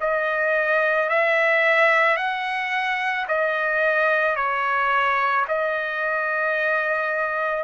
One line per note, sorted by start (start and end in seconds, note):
0.00 1.09 D#5
1.09 2.17 E5
2.17 3.26 F#5
3.27 4.35 D#5
4.35 5.44 C#5
5.47 7.63 D#5